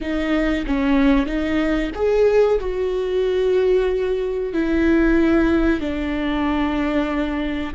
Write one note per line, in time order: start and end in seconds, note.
0.00 0.65 D#4
0.66 1.26 C#4
1.26 1.91 D#4
1.94 2.59 G#4
2.59 4.53 F#4
4.53 5.80 E4
5.80 7.74 D4